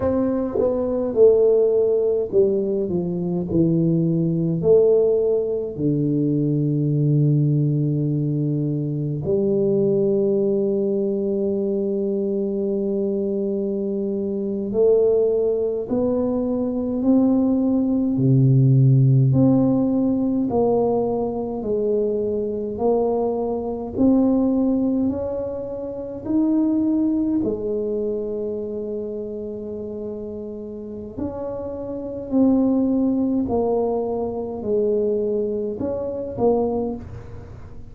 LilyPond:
\new Staff \with { instrumentName = "tuba" } { \time 4/4 \tempo 4 = 52 c'8 b8 a4 g8 f8 e4 | a4 d2. | g1~ | g8. a4 b4 c'4 c16~ |
c8. c'4 ais4 gis4 ais16~ | ais8. c'4 cis'4 dis'4 gis16~ | gis2. cis'4 | c'4 ais4 gis4 cis'8 ais8 | }